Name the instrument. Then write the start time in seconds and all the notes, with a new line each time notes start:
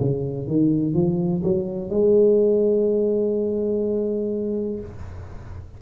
tuba
0.00 C#3
0.47 D#3
0.94 F3
1.43 F#3
1.90 G#3